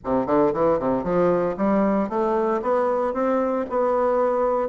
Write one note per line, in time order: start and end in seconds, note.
0.04 0.26 C3
0.26 0.52 D3
0.53 0.79 E3
0.79 1.03 C3
1.03 1.55 F3
1.57 2.09 G3
2.09 2.61 A3
2.62 3.13 B3
3.13 3.65 C4
3.69 4.68 B3